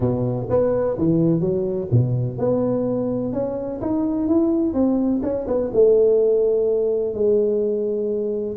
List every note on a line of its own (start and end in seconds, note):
0.00 0.47 B2
0.49 0.97 B3
0.98 1.40 E3
1.40 1.88 F#3
1.91 2.38 B2
2.38 3.32 B3
3.32 3.80 C#4
3.81 4.27 D#4
4.27 4.73 E4
4.73 5.21 C4
5.22 5.46 C#4
5.47 5.71 B3
5.73 7.14 A3
7.14 8.56 G#3